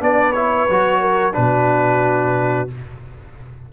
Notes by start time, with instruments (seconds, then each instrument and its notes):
0.00 tuba B3, trombone D4, horn B4, trumpet D5
0.32 trombone E4, trumpet C#5
0.69 tuba F#3, trombone F#4
1.00 horn A#4
1.33 tuba B2, trombone D4, horn F#4, trumpet B4